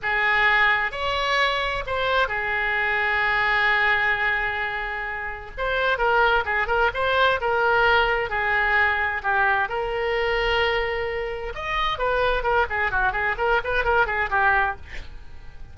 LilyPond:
\new Staff \with { instrumentName = "oboe" } { \time 4/4 \tempo 4 = 130 gis'2 cis''2 | c''4 gis'2.~ | gis'1 | c''4 ais'4 gis'8 ais'8 c''4 |
ais'2 gis'2 | g'4 ais'2.~ | ais'4 dis''4 b'4 ais'8 gis'8 | fis'8 gis'8 ais'8 b'8 ais'8 gis'8 g'4 | }